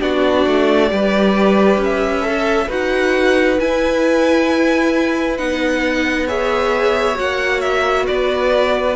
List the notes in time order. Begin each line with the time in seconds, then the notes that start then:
0.00 B3 D4 F#4 D5
0.47 A3
0.90 G3 G4 B4
1.78 C#4
1.84 E5
2.22 A4
2.68 D#4 F#4 B4 F#5
3.60 E4 G#5
5.38 B3 D#4 F#5
6.26 G#4 C#5 E5
7.15 A#3 F#4 F#5
7.61 E5
8.07 B3 B4 D5